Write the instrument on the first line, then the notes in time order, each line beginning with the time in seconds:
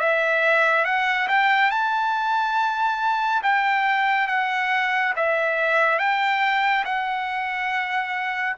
trumpet
0.00 E5
0.85 F#5
1.28 G5
1.71 A5
3.43 G5
4.28 F#5
5.16 E5
5.99 G5
6.85 F#5